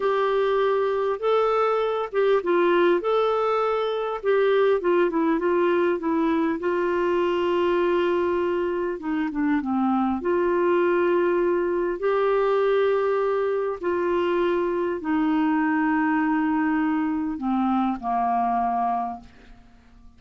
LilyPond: \new Staff \with { instrumentName = "clarinet" } { \time 4/4 \tempo 4 = 100 g'2 a'4. g'8 | f'4 a'2 g'4 | f'8 e'8 f'4 e'4 f'4~ | f'2. dis'8 d'8 |
c'4 f'2. | g'2. f'4~ | f'4 dis'2.~ | dis'4 c'4 ais2 | }